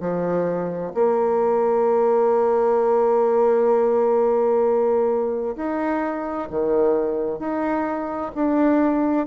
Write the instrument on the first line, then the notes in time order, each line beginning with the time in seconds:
bassoon
0.00 F3
0.94 A#3
5.56 D#4
6.50 D#3
7.38 D#4
8.35 D4